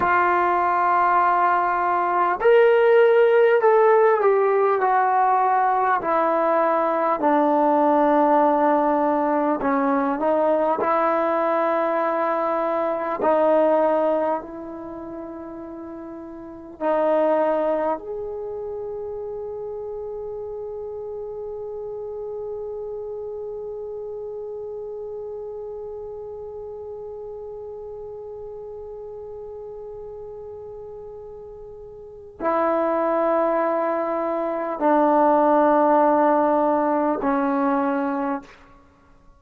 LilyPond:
\new Staff \with { instrumentName = "trombone" } { \time 4/4 \tempo 4 = 50 f'2 ais'4 a'8 g'8 | fis'4 e'4 d'2 | cis'8 dis'8 e'2 dis'4 | e'2 dis'4 gis'4~ |
gis'1~ | gis'1~ | gis'2. e'4~ | e'4 d'2 cis'4 | }